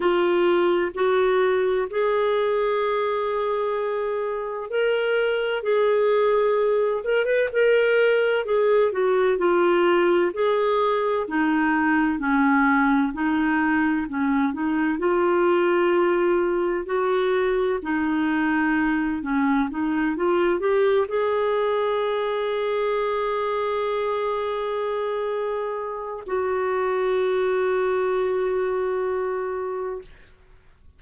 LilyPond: \new Staff \with { instrumentName = "clarinet" } { \time 4/4 \tempo 4 = 64 f'4 fis'4 gis'2~ | gis'4 ais'4 gis'4. ais'16 b'16 | ais'4 gis'8 fis'8 f'4 gis'4 | dis'4 cis'4 dis'4 cis'8 dis'8 |
f'2 fis'4 dis'4~ | dis'8 cis'8 dis'8 f'8 g'8 gis'4.~ | gis'1 | fis'1 | }